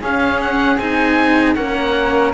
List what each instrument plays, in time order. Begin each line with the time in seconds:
0.00 cello C#4, flute G#4, oboe F5
0.42 oboe F#5
0.78 cello C4 D#4, oboe G#5
1.55 cello A#3 C#4, flute A#4, oboe F#5